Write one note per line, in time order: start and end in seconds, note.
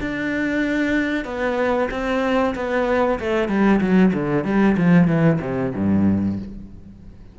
0.00 1.24 D4
1.24 1.88 B3
1.91 2.54 C4
2.55 3.19 B3
3.19 3.48 A3
3.48 3.80 G3
3.80 4.12 F#3
4.13 4.44 D3
4.44 4.76 G3
4.77 5.07 F3
5.07 5.39 E3
5.41 5.72 C3
5.74 6.38 G2